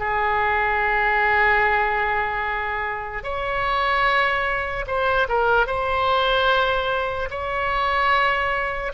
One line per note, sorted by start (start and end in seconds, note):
0.00 3.24 G#4
3.24 4.86 C#5
4.87 5.28 C5
5.29 5.67 A#4
5.67 7.29 C5
7.30 8.93 C#5